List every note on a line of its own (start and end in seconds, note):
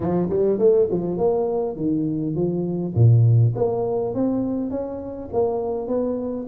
0.00 0.29 F3
0.29 0.58 G3
0.58 0.88 A3
0.90 1.17 F3
1.17 1.76 A#3
1.76 2.35 D#3
2.35 2.94 F3
2.94 3.53 A#2
3.55 4.14 A#3
4.14 4.70 C4
4.70 5.29 C#4
5.32 5.87 A#3
5.87 6.46 B3